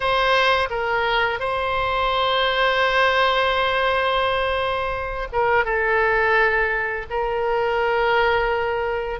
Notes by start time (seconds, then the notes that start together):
0.00 C5
0.70 A#4
1.39 C5
5.32 A#4
5.65 A4
7.10 A#4